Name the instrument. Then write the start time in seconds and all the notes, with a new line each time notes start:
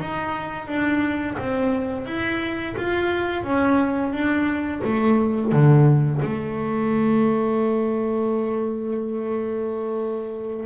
double bass
0.00 D#4
0.67 D4
1.38 C4
2.06 E4
2.77 F4
3.43 C#4
4.12 D4
4.84 A3
5.52 D3
6.22 A3